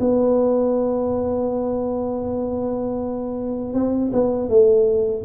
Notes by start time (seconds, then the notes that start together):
0.00 B3
3.74 C4
4.12 B3
4.49 A3